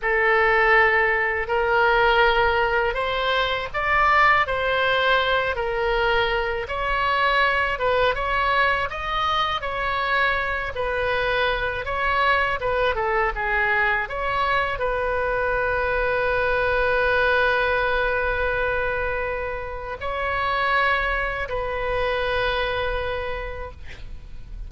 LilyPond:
\new Staff \with { instrumentName = "oboe" } { \time 4/4 \tempo 4 = 81 a'2 ais'2 | c''4 d''4 c''4. ais'8~ | ais'4 cis''4. b'8 cis''4 | dis''4 cis''4. b'4. |
cis''4 b'8 a'8 gis'4 cis''4 | b'1~ | b'2. cis''4~ | cis''4 b'2. | }